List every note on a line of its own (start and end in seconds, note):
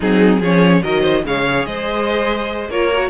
0.00 0.40 F#3
0.00 0.43 C4
0.00 0.39 D#4
0.00 0.42 G#4
0.39 0.82 F3
0.39 0.82 C#4
0.39 0.81 G#4
0.39 0.83 C#5
0.82 1.24 D#3
0.82 1.23 F#3
0.82 1.01 A#4
0.82 1.24 D#5
1.01 1.22 C5
1.25 1.65 C#3
1.25 1.46 G#3
1.25 1.68 C#5
1.25 1.65 F5
1.46 2.70 G#4
1.65 2.69 G#3
1.65 2.70 C5
1.65 2.69 D#5
2.69 3.09 A#3
2.69 2.91 F4
2.69 3.09 A#4
2.69 3.09 C#5
2.93 3.09 F#4